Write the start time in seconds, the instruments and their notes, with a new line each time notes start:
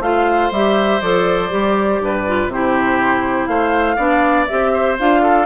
0.00 bassoon A3, clarinet F4, oboe C5, flute F5
0.51 bassoon G3, clarinet G4, flute E5
1.01 bassoon F3, clarinet A4, flute D5
1.50 bassoon G3, clarinet G4
2.00 bassoon G2, oboe B4
2.27 clarinet F4
2.48 bassoon C3, clarinet E4, oboe G4, flute C5
3.46 bassoon A3, oboe C5, flute F5
3.96 bassoon B3, clarinet D4, oboe D5
4.47 bassoon C4, clarinet G4, flute E5
4.74 oboe C5
4.99 bassoon D4, clarinet F4, flute F5
5.22 oboe A4